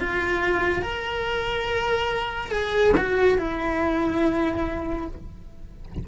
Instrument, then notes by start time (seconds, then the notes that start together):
cello
0.00 F4
0.82 A#4
2.51 G#4
2.97 F#4
3.38 E4